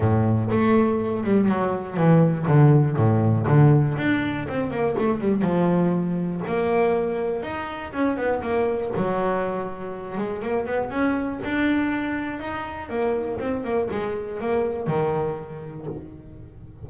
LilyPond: \new Staff \with { instrumentName = "double bass" } { \time 4/4 \tempo 4 = 121 a,4 a4. g8 fis4 | e4 d4 a,4 d4 | d'4 c'8 ais8 a8 g8 f4~ | f4 ais2 dis'4 |
cis'8 b8 ais4 fis2~ | fis8 gis8 ais8 b8 cis'4 d'4~ | d'4 dis'4 ais4 c'8 ais8 | gis4 ais4 dis2 | }